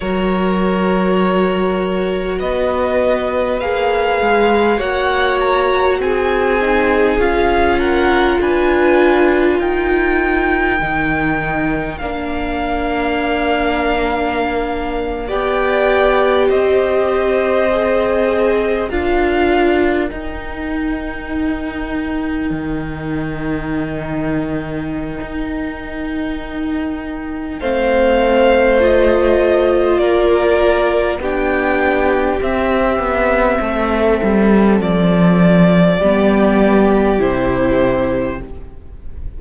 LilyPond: <<
  \new Staff \with { instrumentName = "violin" } { \time 4/4 \tempo 4 = 50 cis''2 dis''4 f''4 | fis''8 ais''8 gis''4 f''8 fis''8 gis''4 | g''2 f''2~ | f''8. g''4 dis''2 f''16~ |
f''8. g''2.~ g''16~ | g''2. f''4 | dis''4 d''4 g''4 e''4~ | e''4 d''2 c''4 | }
  \new Staff \with { instrumentName = "violin" } { \time 4/4 ais'2 b'2 | cis''4 gis'4. ais'8 b'4 | ais'1~ | ais'8. d''4 c''2 ais'16~ |
ais'1~ | ais'2. c''4~ | c''4 ais'4 g'2 | a'2 g'2 | }
  \new Staff \with { instrumentName = "viola" } { \time 4/4 fis'2. gis'4 | fis'4. dis'8 f'2~ | f'4 dis'4 d'2~ | d'8. g'2 gis'4 f'16~ |
f'8. dis'2.~ dis'16~ | dis'2. c'4 | f'2 d'4 c'4~ | c'2 b4 e'4 | }
  \new Staff \with { instrumentName = "cello" } { \time 4/4 fis2 b4 ais8 gis8 | ais4 c'4 cis'4 d'4 | dis'4 dis4 ais2~ | ais8. b4 c'2 d'16~ |
d'8. dis'2 dis4~ dis16~ | dis4 dis'2 a4~ | a4 ais4 b4 c'8 b8 | a8 g8 f4 g4 c4 | }
>>